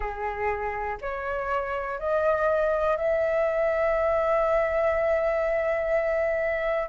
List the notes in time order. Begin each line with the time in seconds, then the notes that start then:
0.00 G#4
1.01 C#5
1.99 D#5
2.96 E5